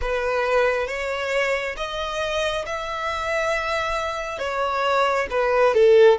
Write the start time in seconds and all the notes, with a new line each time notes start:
0.01 B4
0.87 C#5
1.76 D#5
2.66 E5
4.38 C#5
5.30 B4
5.74 A4